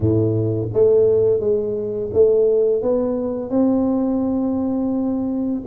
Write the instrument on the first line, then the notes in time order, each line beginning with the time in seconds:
tuba
0.00 A2
0.73 A3
1.40 G#3
2.13 A3
2.82 B3
3.49 C4